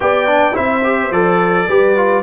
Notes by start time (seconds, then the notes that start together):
0.00 B3 G4 D5 G5
0.27 D4
0.53 C4 E4 C5 E5
0.83 G4
1.11 F3 A4 D5
1.67 G3 G4 B4
1.96 F4